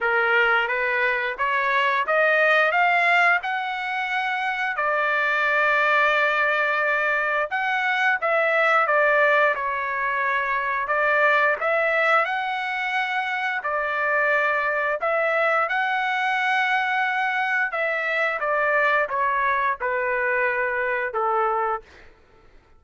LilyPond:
\new Staff \with { instrumentName = "trumpet" } { \time 4/4 \tempo 4 = 88 ais'4 b'4 cis''4 dis''4 | f''4 fis''2 d''4~ | d''2. fis''4 | e''4 d''4 cis''2 |
d''4 e''4 fis''2 | d''2 e''4 fis''4~ | fis''2 e''4 d''4 | cis''4 b'2 a'4 | }